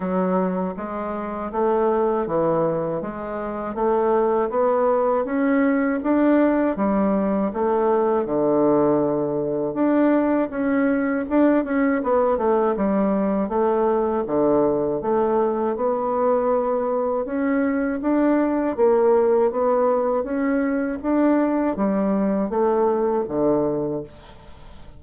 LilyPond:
\new Staff \with { instrumentName = "bassoon" } { \time 4/4 \tempo 4 = 80 fis4 gis4 a4 e4 | gis4 a4 b4 cis'4 | d'4 g4 a4 d4~ | d4 d'4 cis'4 d'8 cis'8 |
b8 a8 g4 a4 d4 | a4 b2 cis'4 | d'4 ais4 b4 cis'4 | d'4 g4 a4 d4 | }